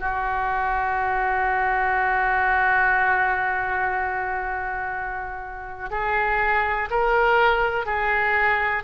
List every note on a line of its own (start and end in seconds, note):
0.00 5.90 F#4
5.91 6.89 G#4
6.91 7.86 A#4
7.86 8.84 G#4